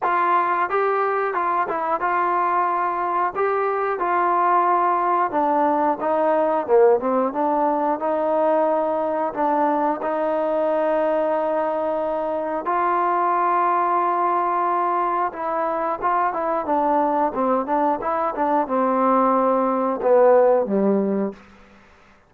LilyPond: \new Staff \with { instrumentName = "trombone" } { \time 4/4 \tempo 4 = 90 f'4 g'4 f'8 e'8 f'4~ | f'4 g'4 f'2 | d'4 dis'4 ais8 c'8 d'4 | dis'2 d'4 dis'4~ |
dis'2. f'4~ | f'2. e'4 | f'8 e'8 d'4 c'8 d'8 e'8 d'8 | c'2 b4 g4 | }